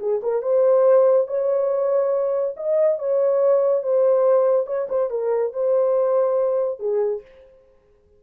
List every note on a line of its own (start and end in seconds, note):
0.00 0.21 G#4
0.23 0.43 A#4
0.43 1.28 C5
1.28 2.56 C#5
2.57 2.99 D#5
2.99 3.83 C#5
3.83 4.67 C5
4.67 4.88 C#5
4.89 5.11 C5
5.11 5.53 A#4
5.53 6.79 C5
6.79 7.22 G#4